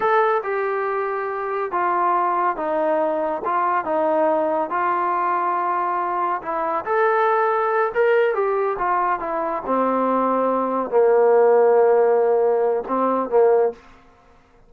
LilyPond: \new Staff \with { instrumentName = "trombone" } { \time 4/4 \tempo 4 = 140 a'4 g'2. | f'2 dis'2 | f'4 dis'2 f'4~ | f'2. e'4 |
a'2~ a'8 ais'4 g'8~ | g'8 f'4 e'4 c'4.~ | c'4. ais2~ ais8~ | ais2 c'4 ais4 | }